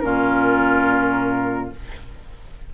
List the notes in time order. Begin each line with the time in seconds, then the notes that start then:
0.00 A#2 C#4 F4 A#4